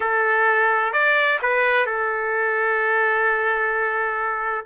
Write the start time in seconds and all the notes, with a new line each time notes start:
0.00 A4
0.92 D5
1.42 B4
1.86 A4